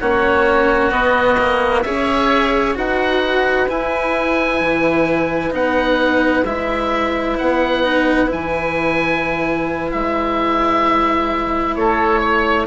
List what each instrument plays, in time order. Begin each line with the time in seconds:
0.00 bassoon A#3, cello C#4, oboe F#4 C#5
0.91 cello B3, bassoon B3, oboe D#5
1.38 cello A#3
1.82 bassoon C#4, cello G#4, oboe C#5 E5
2.74 bassoon D#4, cello F#4, oboe B4 F#5
3.68 cello E4, bassoon E4, oboe G#5
4.61 bassoon E3
5.51 bassoon B3, cello D#4, oboe F#5
6.44 bassoon G#3, cello E4, oboe E5
7.38 bassoon B3, oboe F#5
7.83 cello D#4
8.26 bassoon E3, cello E4
8.32 oboe G#5
9.91 bassoon G#3, oboe E5
11.75 bassoon A3, oboe A4 C#5
12.20 oboe C#5